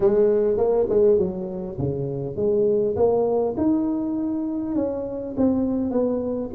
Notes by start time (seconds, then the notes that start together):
0.00 G#3
0.57 A#3
0.89 G#3
1.17 F#3
1.78 C#3
2.36 G#3
2.95 A#3
3.57 D#4
4.75 C#4
5.37 C4
5.90 B3